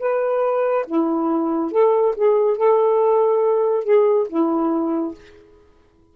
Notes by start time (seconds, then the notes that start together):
0.00 B4
0.87 E4
1.72 A4
2.16 G#4
2.57 A4
3.85 G#4
4.29 E4